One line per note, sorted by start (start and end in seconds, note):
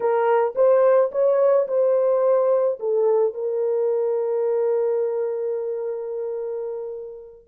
0.00 0.54 A#4
0.55 1.10 C5
1.11 1.67 C#5
1.67 2.78 C5
2.79 3.34 A4
3.34 7.47 A#4